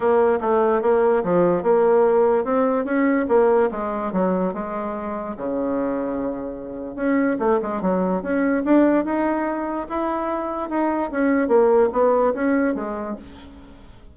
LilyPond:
\new Staff \with { instrumentName = "bassoon" } { \time 4/4 \tempo 4 = 146 ais4 a4 ais4 f4 | ais2 c'4 cis'4 | ais4 gis4 fis4 gis4~ | gis4 cis2.~ |
cis4 cis'4 a8 gis8 fis4 | cis'4 d'4 dis'2 | e'2 dis'4 cis'4 | ais4 b4 cis'4 gis4 | }